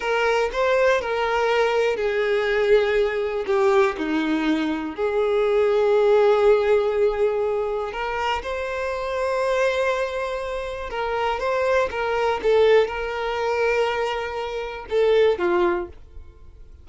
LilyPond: \new Staff \with { instrumentName = "violin" } { \time 4/4 \tempo 4 = 121 ais'4 c''4 ais'2 | gis'2. g'4 | dis'2 gis'2~ | gis'1 |
ais'4 c''2.~ | c''2 ais'4 c''4 | ais'4 a'4 ais'2~ | ais'2 a'4 f'4 | }